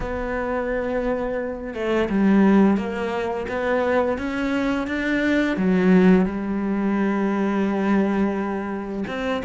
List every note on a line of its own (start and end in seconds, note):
0.00 1.73 B3
1.73 2.08 A3
2.09 2.77 G3
2.77 3.47 A#3
3.48 4.18 B3
4.18 4.87 C#4
4.87 5.57 D4
5.57 6.25 F#3
6.25 9.04 G3
9.07 9.42 C4